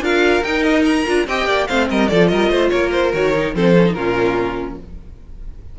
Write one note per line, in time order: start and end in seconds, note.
0.00 0.41 D4
0.00 0.43 F4
0.00 1.27 A#4
0.00 0.43 F5
0.43 1.05 D#4
0.43 1.06 D#4
0.43 0.63 G5
0.63 0.83 D#5
0.84 1.26 A#5
1.06 1.26 D4
1.06 1.26 F4
1.26 1.46 C4
1.26 1.67 G4
1.26 1.46 D#5
1.26 1.67 G5
1.46 1.66 A#3
1.46 1.67 D5
1.67 1.90 A3
1.67 2.09 C4
1.67 1.88 C5
1.67 1.88 F5
1.89 2.11 G3
1.89 2.10 A#4
1.89 2.08 D#5
2.08 2.32 F3
2.08 3.13 F4
2.08 2.30 A4
2.08 2.27 D5
2.27 2.49 G3
2.27 2.50 A#4
2.27 2.69 D#5
2.49 2.70 A3
2.49 2.71 C5
2.69 3.13 A#3
2.69 3.55 A#4
2.69 2.90 C#5
2.91 3.12 C5
3.13 3.54 D#3
3.13 3.33 F#4
3.13 3.55 C#5
3.34 3.54 D#4
3.54 3.94 F3
3.54 3.75 C4
3.54 3.96 A4
3.54 3.93 C5
3.77 3.86 C#4
3.86 3.96 D#4
3.93 4.77 A#2
3.93 4.78 C#4
3.93 4.78 F4
3.93 4.76 A#4